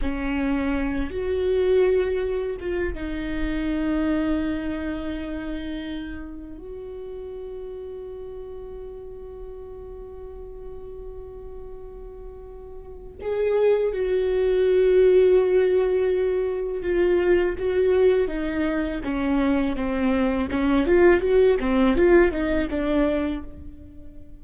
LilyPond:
\new Staff \with { instrumentName = "viola" } { \time 4/4 \tempo 4 = 82 cis'4. fis'2 f'8 | dis'1~ | dis'4 fis'2.~ | fis'1~ |
fis'2 gis'4 fis'4~ | fis'2. f'4 | fis'4 dis'4 cis'4 c'4 | cis'8 f'8 fis'8 c'8 f'8 dis'8 d'4 | }